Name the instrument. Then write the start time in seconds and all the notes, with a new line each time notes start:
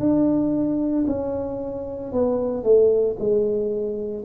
tuba
0.00 D4
1.07 C#4
2.12 B3
2.64 A3
3.19 G#3